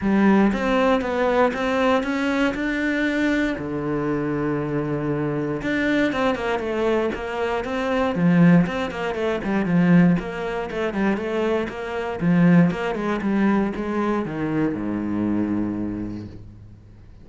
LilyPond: \new Staff \with { instrumentName = "cello" } { \time 4/4 \tempo 4 = 118 g4 c'4 b4 c'4 | cis'4 d'2 d4~ | d2. d'4 | c'8 ais8 a4 ais4 c'4 |
f4 c'8 ais8 a8 g8 f4 | ais4 a8 g8 a4 ais4 | f4 ais8 gis8 g4 gis4 | dis4 gis,2. | }